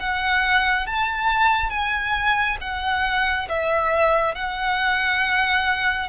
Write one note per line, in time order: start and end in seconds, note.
0.00 0.87 F#5
0.87 1.70 A5
1.70 2.57 G#5
2.61 3.48 F#5
3.49 4.35 E5
4.35 6.09 F#5